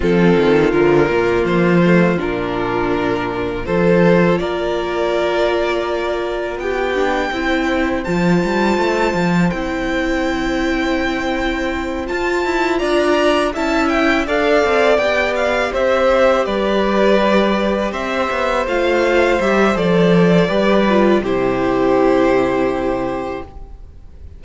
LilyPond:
<<
  \new Staff \with { instrumentName = "violin" } { \time 4/4 \tempo 4 = 82 a'4 ais'4 c''4 ais'4~ | ais'4 c''4 d''2~ | d''4 g''2 a''4~ | a''4 g''2.~ |
g''8 a''4 ais''4 a''8 g''8 f''8~ | f''8 g''8 f''8 e''4 d''4.~ | d''8 e''4 f''4 e''8 d''4~ | d''4 c''2. | }
  \new Staff \with { instrumentName = "violin" } { \time 4/4 f'1~ | f'4 a'4 ais'2~ | ais'4 g'4 c''2~ | c''1~ |
c''4. d''4 e''4 d''8~ | d''4. c''4 b'4.~ | b'8 c''2.~ c''8 | b'4 g'2. | }
  \new Staff \with { instrumentName = "viola" } { \time 4/4 c'4 f8 ais4 a8 d'4~ | d'4 f'2.~ | f'4. d'8 e'4 f'4~ | f'4 e'2.~ |
e'8 f'2 e'4 a'8~ | a'8 g'2.~ g'8~ | g'4. f'4 g'8 a'4 | g'8 f'8 e'2. | }
  \new Staff \with { instrumentName = "cello" } { \time 4/4 f8 dis8 d8 ais,8 f4 ais,4~ | ais,4 f4 ais2~ | ais4 b4 c'4 f8 g8 | a8 f8 c'2.~ |
c'8 f'8 e'8 d'4 cis'4 d'8 | c'8 b4 c'4 g4.~ | g8 c'8 b8 a4 g8 f4 | g4 c2. | }
>>